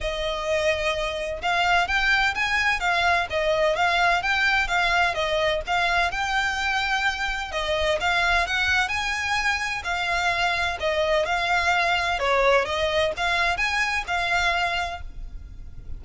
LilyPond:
\new Staff \with { instrumentName = "violin" } { \time 4/4 \tempo 4 = 128 dis''2. f''4 | g''4 gis''4 f''4 dis''4 | f''4 g''4 f''4 dis''4 | f''4 g''2. |
dis''4 f''4 fis''4 gis''4~ | gis''4 f''2 dis''4 | f''2 cis''4 dis''4 | f''4 gis''4 f''2 | }